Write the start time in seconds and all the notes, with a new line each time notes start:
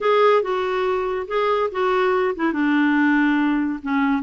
0.00 G#4
0.42 F#4
1.27 G#4
1.71 F#4
2.35 E4
2.52 D4
3.82 C#4